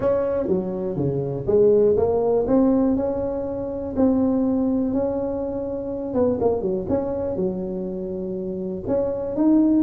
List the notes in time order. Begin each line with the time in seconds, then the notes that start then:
0.00 C#4
0.47 F#3
0.96 C#3
1.46 G#3
1.96 A#3
2.47 C4
2.96 C#4
3.96 C4
4.93 C#4
6.13 B3
6.40 A#3
6.61 F#3
6.89 C#4
7.36 F#3
8.87 C#4
9.36 D#4